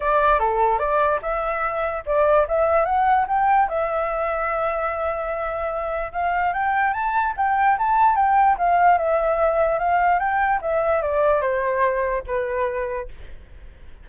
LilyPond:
\new Staff \with { instrumentName = "flute" } { \time 4/4 \tempo 4 = 147 d''4 a'4 d''4 e''4~ | e''4 d''4 e''4 fis''4 | g''4 e''2.~ | e''2. f''4 |
g''4 a''4 g''4 a''4 | g''4 f''4 e''2 | f''4 g''4 e''4 d''4 | c''2 b'2 | }